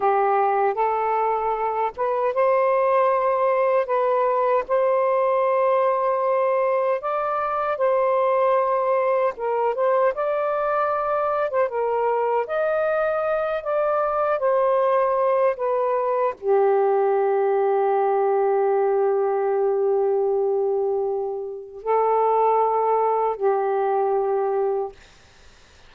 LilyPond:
\new Staff \with { instrumentName = "saxophone" } { \time 4/4 \tempo 4 = 77 g'4 a'4. b'8 c''4~ | c''4 b'4 c''2~ | c''4 d''4 c''2 | ais'8 c''8 d''4.~ d''16 c''16 ais'4 |
dis''4. d''4 c''4. | b'4 g'2.~ | g'1 | a'2 g'2 | }